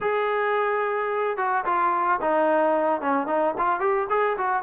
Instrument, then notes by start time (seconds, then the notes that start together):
trombone
0.00 G#4
1.37 F#4
1.65 F4
2.21 D#4
3.01 C#4
3.27 D#4
3.58 F4
3.79 G4
4.09 G#4
4.37 F#4